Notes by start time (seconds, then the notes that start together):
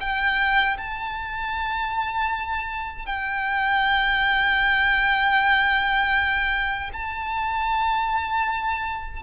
0.00 G5
0.77 A5
3.06 G5
6.93 A5